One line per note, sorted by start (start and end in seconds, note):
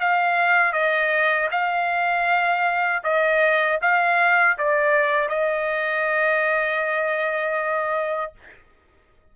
0.00 0.73 F5
0.73 1.49 D#5
1.52 3.03 F5
3.04 3.80 D#5
3.82 4.58 F5
4.58 5.29 D5
5.29 8.33 D#5